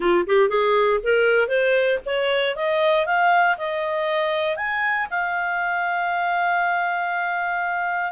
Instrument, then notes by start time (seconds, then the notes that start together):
clarinet
0.00 F4
0.26 G4
0.49 G#4
1.03 A#4
1.47 C5
2.05 C#5
2.55 D#5
3.05 F5
3.57 D#5
4.56 G#5
5.10 F5